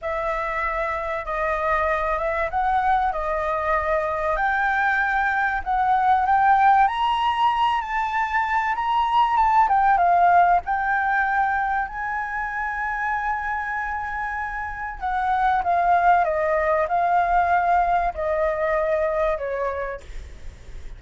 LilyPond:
\new Staff \with { instrumentName = "flute" } { \time 4/4 \tempo 4 = 96 e''2 dis''4. e''8 | fis''4 dis''2 g''4~ | g''4 fis''4 g''4 ais''4~ | ais''8 a''4. ais''4 a''8 g''8 |
f''4 g''2 gis''4~ | gis''1 | fis''4 f''4 dis''4 f''4~ | f''4 dis''2 cis''4 | }